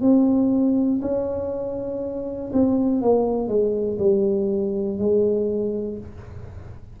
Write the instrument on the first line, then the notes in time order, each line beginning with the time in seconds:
tuba
0.00 C4
1.01 C#4
2.53 C4
3.01 A#3
3.47 G#3
3.98 G3
4.98 G#3